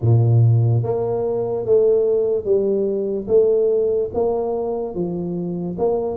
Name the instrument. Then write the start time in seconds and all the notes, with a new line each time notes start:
tuba
0.01 A#2
0.83 A#3
1.65 A3
2.44 G3
3.27 A3
4.14 A#3
4.94 F3
5.78 A#3